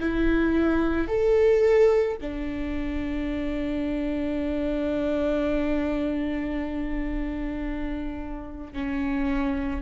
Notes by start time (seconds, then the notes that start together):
0.00 E4
1.09 A4
2.21 D4
8.73 C#4